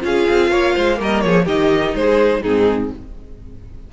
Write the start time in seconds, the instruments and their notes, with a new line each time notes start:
0.00 cello C#4, viola F4, violin G#4 F5
0.30 cello C4
0.51 cello A#3, violin C#5
0.74 cello G#3, violin C5
0.96 cello G3, viola A#3, violin A#4 D#5
1.21 cello F3, violin G#4 C#5
1.45 cello D#3, viola D#4, violin G4 D#5
1.94 cello G#3, violin G#4 C5
2.42 cello G#2, viola C4, violin D#4 G#4